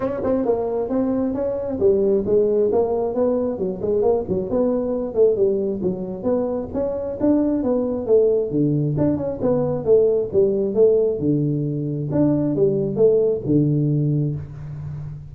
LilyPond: \new Staff \with { instrumentName = "tuba" } { \time 4/4 \tempo 4 = 134 cis'8 c'8 ais4 c'4 cis'4 | g4 gis4 ais4 b4 | fis8 gis8 ais8 fis8 b4. a8 | g4 fis4 b4 cis'4 |
d'4 b4 a4 d4 | d'8 cis'8 b4 a4 g4 | a4 d2 d'4 | g4 a4 d2 | }